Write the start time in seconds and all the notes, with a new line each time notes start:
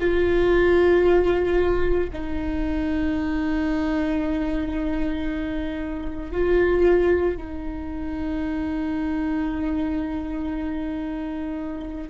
0.00 F4
2.13 D#4
6.32 F4
7.37 D#4